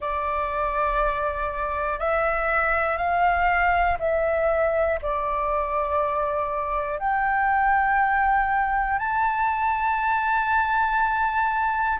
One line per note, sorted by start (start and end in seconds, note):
0.00 1.99 D5
1.99 2.97 E5
2.97 3.97 F5
3.99 4.99 E5
5.02 6.99 D5
6.99 8.98 G5
8.98 11.98 A5